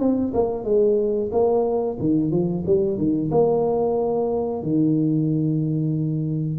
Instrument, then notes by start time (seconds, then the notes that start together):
tuba
0.00 C4
0.34 A#3
0.65 G#3
1.32 A#3
2.00 D#3
2.31 F3
2.66 G3
2.98 D#3
3.31 A#3
4.63 D#3